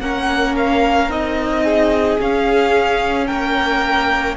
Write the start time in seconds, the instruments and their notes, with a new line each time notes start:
0.00 cello A#3, viola C#4, violin A#4 F#5
0.57 violin F5
1.09 cello C4, viola D#4, violin D#5
1.64 violin G#4
2.21 cello C#4, viola C#4, violin F5
3.27 cello A#3, violin A#4 G5